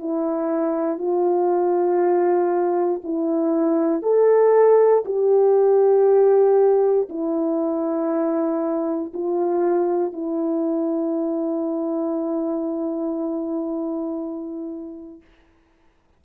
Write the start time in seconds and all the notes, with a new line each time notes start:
0.00 E4
0.98 F4
3.04 E4
4.03 A4
5.06 G4
7.10 E4
9.14 F4
10.13 E4